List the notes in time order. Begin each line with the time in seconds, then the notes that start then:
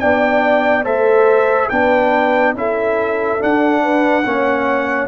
0.00 B3 D4 D5 G5
0.84 A3 A4 C5 E5
1.69 B3 D4 B4 G5
2.54 C#4 E4 A4 E5
3.40 D4 F#5
3.83 B4
4.25 A#3 C#4 C#5